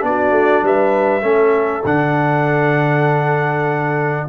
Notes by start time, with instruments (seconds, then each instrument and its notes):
0.00 tuba B3, trombone D4, trumpet D5
0.08 horn F#4
0.31 tuba A3
0.63 tuba G3, horn B4, trumpet E5
1.22 tuba A3, trombone C#4, horn A4
1.85 tuba D3, trombone D4, trumpet F#5